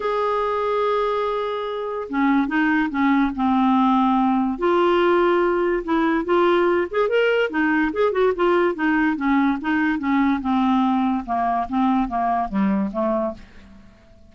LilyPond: \new Staff \with { instrumentName = "clarinet" } { \time 4/4 \tempo 4 = 144 gis'1~ | gis'4 cis'4 dis'4 cis'4 | c'2. f'4~ | f'2 e'4 f'4~ |
f'8 gis'8 ais'4 dis'4 gis'8 fis'8 | f'4 dis'4 cis'4 dis'4 | cis'4 c'2 ais4 | c'4 ais4 g4 a4 | }